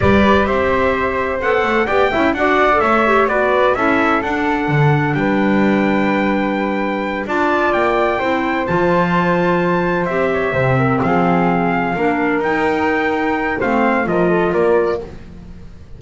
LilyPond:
<<
  \new Staff \with { instrumentName = "trumpet" } { \time 4/4 \tempo 4 = 128 d''4 e''2 fis''4 | g''4 fis''4 e''4 d''4 | e''4 fis''2 g''4~ | g''2.~ g''8 a''8~ |
a''8 g''2 a''4.~ | a''4. e''2 f''8~ | f''2~ f''8 g''4.~ | g''4 f''4 dis''4 d''4 | }
  \new Staff \with { instrumentName = "flute" } { \time 4/4 b'4 c''2. | d''8 e''8 d''4 cis''4 b'4 | a'2. b'4~ | b'2.~ b'8 d''8~ |
d''4. c''2~ c''8~ | c''2 cis''8 c''8 ais'8 gis'8~ | gis'4. ais'2~ ais'8~ | ais'4 c''4 ais'8 a'8 ais'4 | }
  \new Staff \with { instrumentName = "clarinet" } { \time 4/4 g'2. a'4 | g'8 e'8 fis'8. a'8. g'8 fis'4 | e'4 d'2.~ | d'2.~ d'8 f'8~ |
f'4. e'4 f'4.~ | f'4. g'4 c'4.~ | c'4. d'4 dis'4.~ | dis'4 c'4 f'2 | }
  \new Staff \with { instrumentName = "double bass" } { \time 4/4 g4 c'2 b8 a8 | b8 cis'8 d'4 a4 b4 | cis'4 d'4 d4 g4~ | g2.~ g8 d'8~ |
d'8 ais4 c'4 f4.~ | f4. c'4 c4 f8~ | f4. ais4 dis'4.~ | dis'4 a4 f4 ais4 | }
>>